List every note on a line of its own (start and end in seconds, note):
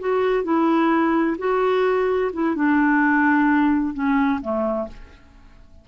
0.00 0.44 F#4
0.44 1.37 E4
1.38 2.32 F#4
2.33 2.55 E4
2.55 3.94 D4
3.94 4.41 C#4
4.42 4.88 A3